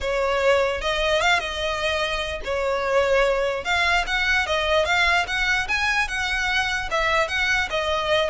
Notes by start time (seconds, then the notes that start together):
0.00 C#5
0.81 D#5
1.21 F5
1.39 D#5
2.44 C#5
3.64 F5
4.07 F#5
4.46 D#5
4.85 F5
5.27 F#5
5.68 G#5
6.08 F#5
6.90 E5
7.28 F#5
7.70 D#5